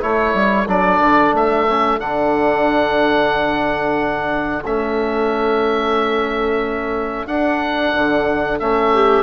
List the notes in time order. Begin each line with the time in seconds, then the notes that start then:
0.00 A3 E4 A4 C#5
0.34 G3
0.67 F#3 D4 D5
1.00 D3
1.33 A3 E5
1.69 C#4
2.00 D3 D4 F#5
4.63 A3 C#4 E5
7.26 D4 F#5
7.94 D3
8.59 A3 C#4 E5
8.93 G4